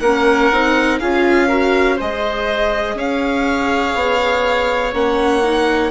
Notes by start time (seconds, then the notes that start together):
0.00 A#3 C#4 A#4 F#5
0.52 C4 D#4
0.99 C#4 F4 G#4 F5
1.48 F#4 A#4
1.96 G#3 G#4 C5 D#5
2.94 C#4 C#5 F5
3.95 B3
4.93 A#3 C#4 F#5
5.43 D#4